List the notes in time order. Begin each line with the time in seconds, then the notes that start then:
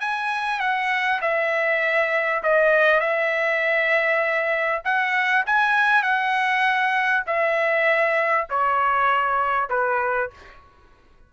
0.00 G#5
0.60 F#5
1.21 E5
2.43 D#5
3.00 E5
4.84 F#5
5.46 G#5
6.02 F#5
7.26 E5
8.50 C#5
9.69 B4